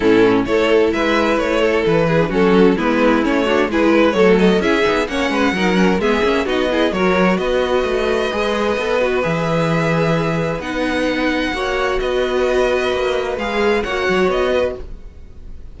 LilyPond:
<<
  \new Staff \with { instrumentName = "violin" } { \time 4/4 \tempo 4 = 130 a'4 cis''4 e''4 cis''4 | b'4 a'4 b'4 cis''4 | b'4 cis''8 dis''8 e''4 fis''4~ | fis''4 e''4 dis''4 cis''4 |
dis''1 | e''2. fis''4~ | fis''2 dis''2~ | dis''4 f''4 fis''4 dis''4 | }
  \new Staff \with { instrumentName = "violin" } { \time 4/4 e'4 a'4 b'4. a'8~ | a'8 gis'8 fis'4 e'4. fis'8 | gis'8 b'8 a'4 gis'4 cis''8 b'8 | ais'4 gis'4 fis'8 gis'8 ais'4 |
b'1~ | b'1~ | b'4 cis''4 b'2~ | b'2 cis''4. b'8 | }
  \new Staff \with { instrumentName = "viola" } { \time 4/4 cis'4 e'2.~ | e'8. d'16 cis'4 b4 cis'8 d'8 | e'4 a4 e'8 dis'8 cis'4 | dis'8 cis'8 b8 cis'8 dis'8 e'8 fis'4~ |
fis'2 gis'4 a'8 fis'8 | gis'2. dis'4~ | dis'4 fis'2.~ | fis'4 gis'4 fis'2 | }
  \new Staff \with { instrumentName = "cello" } { \time 4/4 a,4 a4 gis4 a4 | e4 fis4 gis4 a4 | gis4 fis4 cis'8 b8 ais8 gis8 | fis4 gis8 ais8 b4 fis4 |
b4 a4 gis4 b4 | e2. b4~ | b4 ais4 b2 | ais4 gis4 ais8 fis8 b4 | }
>>